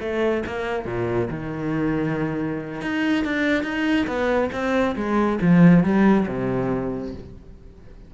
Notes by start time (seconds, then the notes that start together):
0.00 A3
0.46 A#3
0.85 A#2
1.30 D#3
2.81 D#4
3.25 D4
3.63 D#4
4.07 B3
4.52 C4
4.96 G#3
5.41 F3
5.84 G3
6.27 C3